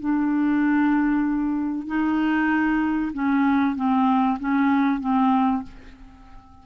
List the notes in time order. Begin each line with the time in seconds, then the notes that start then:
0.00 D4
1.87 D#4
3.13 C#4
3.76 C4
4.39 C#4
5.00 C4